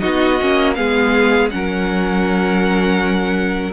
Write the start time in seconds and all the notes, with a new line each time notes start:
0.00 B3 D#4 F#4 D#5
0.41 A#3 C#4
0.74 G#3 B3 G#4 F5
1.50 F#3 C#4 A#4 F#5